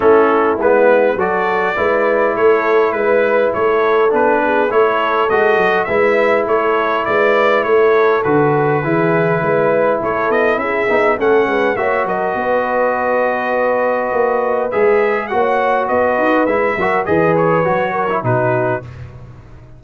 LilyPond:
<<
  \new Staff \with { instrumentName = "trumpet" } { \time 4/4 \tempo 4 = 102 a'4 b'4 d''2 | cis''4 b'4 cis''4 b'4 | cis''4 dis''4 e''4 cis''4 | d''4 cis''4 b'2~ |
b'4 cis''8 dis''8 e''4 fis''4 | e''8 dis''2.~ dis''8~ | dis''4 e''4 fis''4 dis''4 | e''4 dis''8 cis''4. b'4 | }
  \new Staff \with { instrumentName = "horn" } { \time 4/4 e'2 a'4 b'4 | a'4 b'4 a'4. gis'8 | a'2 b'4 a'4 | b'4 a'2 gis'4 |
b'4 a'4 gis'4 a'8 b'8 | cis''8 ais'8 b'2.~ | b'2 cis''4 b'4~ | b'8 ais'8 b'4. ais'8 fis'4 | }
  \new Staff \with { instrumentName = "trombone" } { \time 4/4 cis'4 b4 fis'4 e'4~ | e'2. d'4 | e'4 fis'4 e'2~ | e'2 fis'4 e'4~ |
e'2~ e'8 dis'8 cis'4 | fis'1~ | fis'4 gis'4 fis'2 | e'8 fis'8 gis'4 fis'8. e'16 dis'4 | }
  \new Staff \with { instrumentName = "tuba" } { \time 4/4 a4 gis4 fis4 gis4 | a4 gis4 a4 b4 | a4 gis8 fis8 gis4 a4 | gis4 a4 d4 e4 |
gis4 a8 b8 cis'8 b8 a8 gis8 | ais8 fis8 b2. | ais4 gis4 ais4 b8 dis'8 | gis8 fis8 e4 fis4 b,4 | }
>>